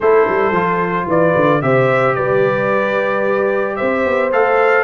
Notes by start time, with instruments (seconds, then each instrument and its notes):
0.00 tuba A3, trombone E4, horn A4, trumpet C5
0.28 tuba G3
0.51 tuba F3, trombone F4
1.07 tuba E3, horn B4, trumpet D5
1.35 tuba D3
1.61 tuba C3, trombone G4, horn C5, trumpet E5
2.15 tuba G3, horn B4, trumpet D5
3.75 tuba C4, horn C5, trumpet E5
4.05 tuba B3
4.32 tuba A3, trombone A4, trumpet F5